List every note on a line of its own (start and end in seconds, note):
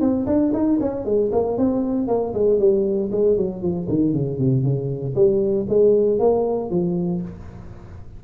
0.00 0.26 C4
0.26 0.52 D4
0.53 0.79 D#4
0.80 1.05 C#4
1.05 1.31 G#3
1.32 1.57 A#3
1.57 2.07 C4
2.07 2.33 A#3
2.34 2.59 G#3
2.59 3.10 G3
3.11 3.37 G#3
3.37 3.62 F#3
3.62 3.87 F3
3.89 4.13 D#3
4.13 4.38 C#3
4.38 4.63 C3
4.63 5.14 C#3
5.15 5.66 G3
5.69 6.19 G#3
6.19 6.70 A#3
6.70 7.21 F3